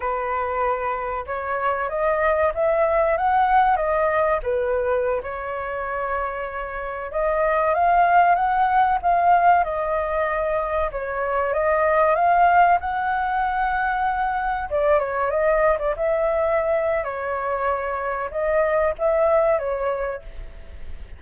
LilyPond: \new Staff \with { instrumentName = "flute" } { \time 4/4 \tempo 4 = 95 b'2 cis''4 dis''4 | e''4 fis''4 dis''4 b'4~ | b'16 cis''2. dis''8.~ | dis''16 f''4 fis''4 f''4 dis''8.~ |
dis''4~ dis''16 cis''4 dis''4 f''8.~ | f''16 fis''2. d''8 cis''16~ | cis''16 dis''8. d''16 e''4.~ e''16 cis''4~ | cis''4 dis''4 e''4 cis''4 | }